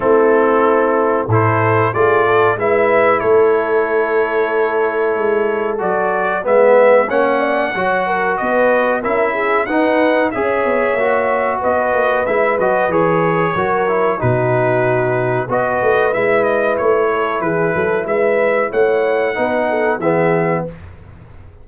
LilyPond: <<
  \new Staff \with { instrumentName = "trumpet" } { \time 4/4 \tempo 4 = 93 a'2 c''4 d''4 | e''4 cis''2.~ | cis''4 d''4 e''4 fis''4~ | fis''4 dis''4 e''4 fis''4 |
e''2 dis''4 e''8 dis''8 | cis''2 b'2 | dis''4 e''8 dis''8 cis''4 b'4 | e''4 fis''2 e''4 | }
  \new Staff \with { instrumentName = "horn" } { \time 4/4 e'2 a'4 gis'8 a'8 | b'4 a'2.~ | a'2 b'4 cis''8 d''8 | cis''8 ais'8 b'4 ais'8 gis'8 b'4 |
cis''2 b'2~ | b'4 ais'4 fis'2 | b'2~ b'8 a'8 gis'8 a'8 | b'4 cis''4 b'8 a'8 gis'4 | }
  \new Staff \with { instrumentName = "trombone" } { \time 4/4 c'2 e'4 f'4 | e'1~ | e'4 fis'4 b4 cis'4 | fis'2 e'4 dis'4 |
gis'4 fis'2 e'8 fis'8 | gis'4 fis'8 e'8 dis'2 | fis'4 e'2.~ | e'2 dis'4 b4 | }
  \new Staff \with { instrumentName = "tuba" } { \time 4/4 a2 a,4 a4 | gis4 a2. | gis4 fis4 gis4 ais4 | fis4 b4 cis'4 dis'4 |
cis'8 b8 ais4 b8 ais8 gis8 fis8 | e4 fis4 b,2 | b8 a8 gis4 a4 e8 fis8 | gis4 a4 b4 e4 | }
>>